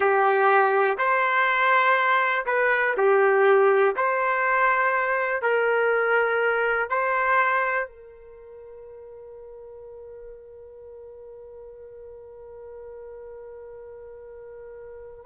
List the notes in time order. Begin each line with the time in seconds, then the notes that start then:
0.00 G4
0.98 C5
2.46 B4
2.97 G4
3.96 C5
5.41 A#4
6.89 C5
7.87 A#4